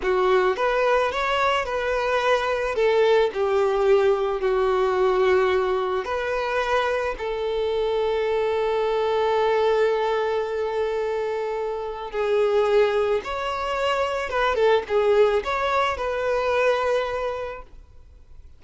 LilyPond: \new Staff \with { instrumentName = "violin" } { \time 4/4 \tempo 4 = 109 fis'4 b'4 cis''4 b'4~ | b'4 a'4 g'2 | fis'2. b'4~ | b'4 a'2.~ |
a'1~ | a'2 gis'2 | cis''2 b'8 a'8 gis'4 | cis''4 b'2. | }